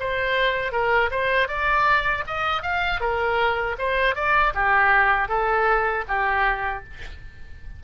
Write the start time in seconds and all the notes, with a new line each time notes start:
0.00 C5
0.72 A#4
1.11 C5
1.48 D5
2.27 D#5
2.63 F5
3.01 A#4
3.79 C5
4.15 D5
4.55 G4
5.29 A4
6.08 G4